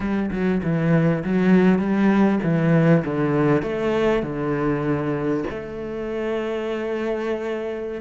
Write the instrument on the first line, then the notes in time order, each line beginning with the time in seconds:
cello
0.00 G3
0.31 F#3
0.63 E3
1.24 F#3
1.78 G3
2.43 E3
3.04 D3
3.62 A3
4.22 D3
5.50 A3